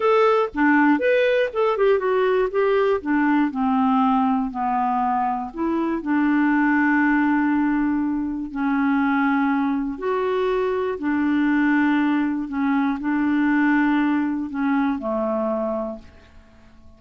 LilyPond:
\new Staff \with { instrumentName = "clarinet" } { \time 4/4 \tempo 4 = 120 a'4 d'4 b'4 a'8 g'8 | fis'4 g'4 d'4 c'4~ | c'4 b2 e'4 | d'1~ |
d'4 cis'2. | fis'2 d'2~ | d'4 cis'4 d'2~ | d'4 cis'4 a2 | }